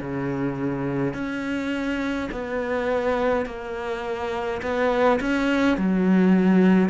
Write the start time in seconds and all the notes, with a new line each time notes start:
0.00 C#3
1.13 C#4
2.31 B3
3.46 A#3
4.62 B3
5.20 C#4
5.77 F#3